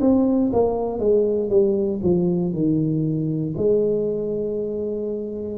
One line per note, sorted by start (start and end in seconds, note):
0.00 0.51 C4
0.52 0.99 A#3
0.99 1.49 G#3
1.49 2.00 G3
2.02 2.52 F3
2.52 3.54 D#3
3.57 5.58 G#3